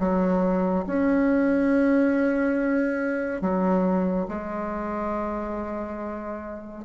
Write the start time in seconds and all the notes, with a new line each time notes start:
0.00 F#3
0.87 C#4
3.42 F#3
4.29 G#3